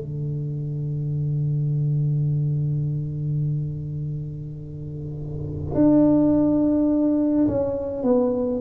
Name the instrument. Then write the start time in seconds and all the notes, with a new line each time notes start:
tuba
0.00 D3
5.74 D4
7.48 C#4
8.03 B3